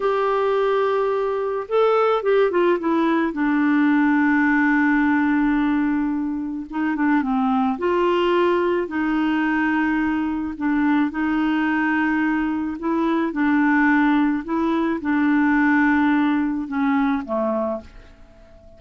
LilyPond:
\new Staff \with { instrumentName = "clarinet" } { \time 4/4 \tempo 4 = 108 g'2. a'4 | g'8 f'8 e'4 d'2~ | d'1 | dis'8 d'8 c'4 f'2 |
dis'2. d'4 | dis'2. e'4 | d'2 e'4 d'4~ | d'2 cis'4 a4 | }